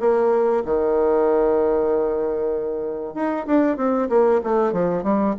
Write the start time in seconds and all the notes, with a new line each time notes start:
0.00 A#3
0.65 D#3
3.14 D#4
3.47 D4
3.77 C4
4.10 A#3
4.44 A3
4.73 F3
5.04 G3